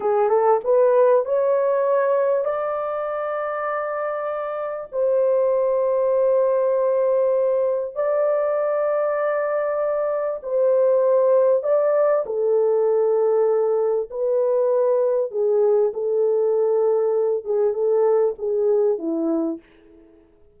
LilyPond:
\new Staff \with { instrumentName = "horn" } { \time 4/4 \tempo 4 = 98 gis'8 a'8 b'4 cis''2 | d''1 | c''1~ | c''4 d''2.~ |
d''4 c''2 d''4 | a'2. b'4~ | b'4 gis'4 a'2~ | a'8 gis'8 a'4 gis'4 e'4 | }